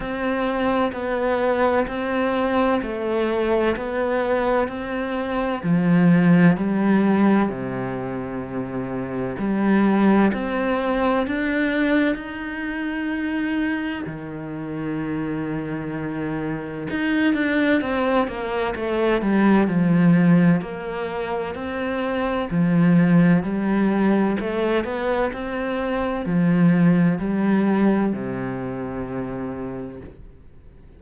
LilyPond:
\new Staff \with { instrumentName = "cello" } { \time 4/4 \tempo 4 = 64 c'4 b4 c'4 a4 | b4 c'4 f4 g4 | c2 g4 c'4 | d'4 dis'2 dis4~ |
dis2 dis'8 d'8 c'8 ais8 | a8 g8 f4 ais4 c'4 | f4 g4 a8 b8 c'4 | f4 g4 c2 | }